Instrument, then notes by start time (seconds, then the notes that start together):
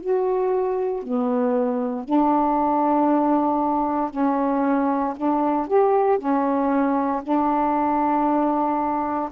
saxophone
0.00 F#4
1.03 B3
2.05 D4
4.11 C#4
5.16 D4
5.68 G4
6.18 C#4
7.23 D4